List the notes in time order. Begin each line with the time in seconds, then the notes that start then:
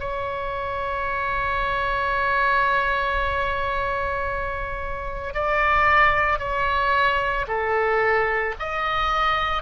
0.00 C#5
5.34 D5
6.39 C#5
7.48 A4
8.60 D#5